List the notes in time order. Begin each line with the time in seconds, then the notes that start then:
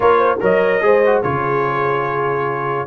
0.00 A#3 F4 A#4 C#5
0.18 C5
0.40 F#3 A#4 C#5 D#5
0.81 G#3 G#4 C5
1.06 F#4
1.22 C#3 F4 G#4 C#5